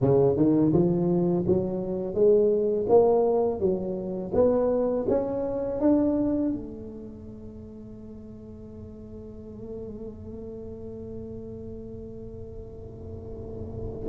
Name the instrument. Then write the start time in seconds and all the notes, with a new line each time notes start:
tuba
0.01 C#3
0.36 D#3
0.72 F3
1.47 F#3
2.14 G#3
2.88 A#3
3.59 F#3
4.34 B3
5.08 C#4
5.80 D4
6.52 A3